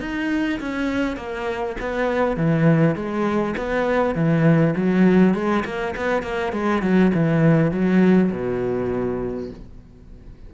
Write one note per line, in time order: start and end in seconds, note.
0.00 0.59 D#4
0.60 1.16 C#4
1.16 1.76 A#3
1.80 2.36 B3
2.36 2.95 E3
2.95 3.55 G#3
3.57 4.15 B3
4.15 4.74 E3
4.76 5.34 F#3
5.34 5.63 G#3
5.64 5.94 A#3
5.96 6.22 B3
6.22 6.52 A#3
6.52 6.82 G#3
6.82 7.12 F#3
7.14 7.71 E3
7.71 8.30 F#3
8.31 9.50 B2